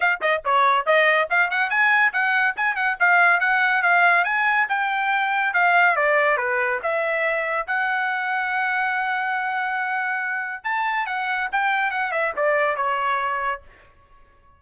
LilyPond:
\new Staff \with { instrumentName = "trumpet" } { \time 4/4 \tempo 4 = 141 f''8 dis''8 cis''4 dis''4 f''8 fis''8 | gis''4 fis''4 gis''8 fis''8 f''4 | fis''4 f''4 gis''4 g''4~ | g''4 f''4 d''4 b'4 |
e''2 fis''2~ | fis''1~ | fis''4 a''4 fis''4 g''4 | fis''8 e''8 d''4 cis''2 | }